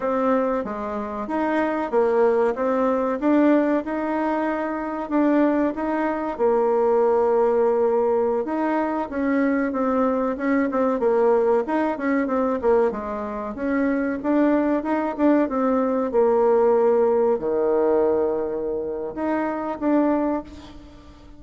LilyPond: \new Staff \with { instrumentName = "bassoon" } { \time 4/4 \tempo 4 = 94 c'4 gis4 dis'4 ais4 | c'4 d'4 dis'2 | d'4 dis'4 ais2~ | ais4~ ais16 dis'4 cis'4 c'8.~ |
c'16 cis'8 c'8 ais4 dis'8 cis'8 c'8 ais16~ | ais16 gis4 cis'4 d'4 dis'8 d'16~ | d'16 c'4 ais2 dis8.~ | dis2 dis'4 d'4 | }